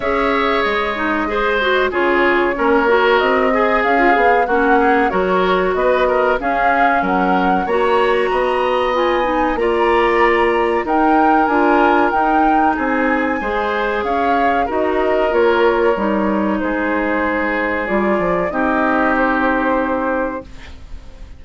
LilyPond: <<
  \new Staff \with { instrumentName = "flute" } { \time 4/4 \tempo 4 = 94 e''4 dis''2 cis''4~ | cis''4 dis''4 f''4 fis''4 | cis''4 dis''4 f''4 fis''4 | ais''2 gis''4 ais''4~ |
ais''4 g''4 gis''4 g''4 | gis''2 f''4 dis''4 | cis''2 c''2 | d''4 dis''4 c''2 | }
  \new Staff \with { instrumentName = "oboe" } { \time 4/4 cis''2 c''4 gis'4 | ais'4. gis'4. fis'8 gis'8 | ais'4 b'8 ais'8 gis'4 ais'4 | cis''4 dis''2 d''4~ |
d''4 ais'2. | gis'4 c''4 cis''4 ais'4~ | ais'2 gis'2~ | gis'4 g'2. | }
  \new Staff \with { instrumentName = "clarinet" } { \time 4/4 gis'4. dis'8 gis'8 fis'8 f'4 | cis'8 fis'4 gis'8. f'16 gis'8 cis'4 | fis'2 cis'2 | fis'2 f'8 dis'8 f'4~ |
f'4 dis'4 f'4 dis'4~ | dis'4 gis'2 fis'4 | f'4 dis'2. | f'4 dis'2. | }
  \new Staff \with { instrumentName = "bassoon" } { \time 4/4 cis'4 gis2 cis4 | ais4 c'4 cis'8 b8 ais4 | fis4 b4 cis'4 fis4 | ais4 b2 ais4~ |
ais4 dis'4 d'4 dis'4 | c'4 gis4 cis'4 dis'4 | ais4 g4 gis2 | g8 f8 c'2. | }
>>